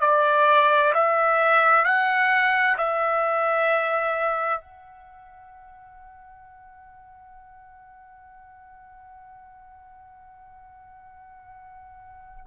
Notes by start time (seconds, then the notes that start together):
0.00 D5
0.94 E5
1.85 F#5
2.77 E5
4.60 F#5